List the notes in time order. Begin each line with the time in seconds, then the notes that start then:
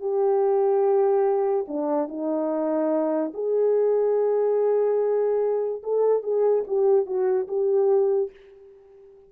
0.00 G4
1.68 D4
2.08 D#4
3.33 G#4
5.83 A4
6.23 G#4
6.67 G4
7.06 F#4
7.48 G4